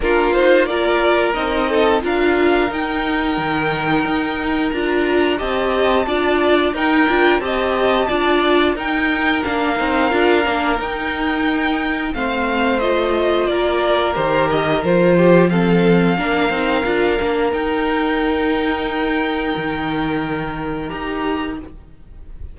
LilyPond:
<<
  \new Staff \with { instrumentName = "violin" } { \time 4/4 \tempo 4 = 89 ais'8 c''8 d''4 dis''4 f''4 | g''2. ais''4 | a''2 g''4 a''4~ | a''4 g''4 f''2 |
g''2 f''4 dis''4 | d''4 c''8 dis''8 c''4 f''4~ | f''2 g''2~ | g''2. ais''4 | }
  \new Staff \with { instrumentName = "violin" } { \time 4/4 f'4 ais'4. a'8 ais'4~ | ais'1 | dis''4 d''4 ais'4 dis''4 | d''4 ais'2.~ |
ais'2 c''2 | ais'2~ ais'8 g'8 a'4 | ais'1~ | ais'1 | }
  \new Staff \with { instrumentName = "viola" } { \time 4/4 d'8 dis'8 f'4 dis'4 f'4 | dis'2. f'4 | g'4 f'4 dis'8 f'8 g'4 | f'4 dis'4 d'8 dis'8 f'8 d'8 |
dis'2 c'4 f'4~ | f'4 g'4 f'4 c'4 | d'8 dis'8 f'8 d'8 dis'2~ | dis'2. g'4 | }
  \new Staff \with { instrumentName = "cello" } { \time 4/4 ais2 c'4 d'4 | dis'4 dis4 dis'4 d'4 | c'4 d'4 dis'8 d'8 c'4 | d'4 dis'4 ais8 c'8 d'8 ais8 |
dis'2 a2 | ais4 dis4 f2 | ais8 c'8 d'8 ais8 dis'2~ | dis'4 dis2 dis'4 | }
>>